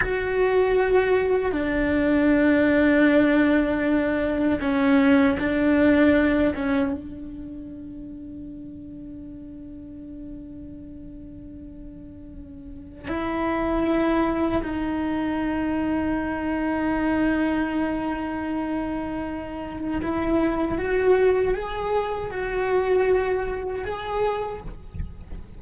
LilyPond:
\new Staff \with { instrumentName = "cello" } { \time 4/4 \tempo 4 = 78 fis'2 d'2~ | d'2 cis'4 d'4~ | d'8 cis'8 d'2.~ | d'1~ |
d'4 e'2 dis'4~ | dis'1~ | dis'2 e'4 fis'4 | gis'4 fis'2 gis'4 | }